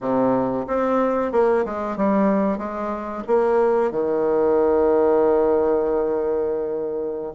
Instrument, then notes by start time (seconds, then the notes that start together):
bassoon
0.00 C3
0.67 C4
1.32 A#3
1.65 G#3
1.96 G3
2.58 G#3
3.27 A#3
3.91 D#3